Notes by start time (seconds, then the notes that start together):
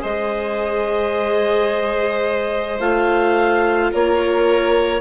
0.00 G#3 G#4 C5 D#5
2.79 A3 F4 F5
3.91 A#3 A#4 C#5